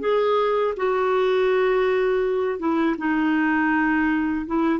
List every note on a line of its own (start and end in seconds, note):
0.00 0.74 G#4
0.77 2.59 F#4
2.59 2.96 E4
2.98 4.46 D#4
4.47 4.80 E4